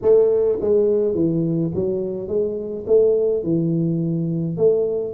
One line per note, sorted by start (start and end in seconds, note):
0.02 0.59 A3
0.61 1.14 G#3
1.14 1.71 E3
1.74 2.28 F#3
2.28 2.85 G#3
2.86 3.43 A3
3.43 4.57 E3
4.57 5.13 A3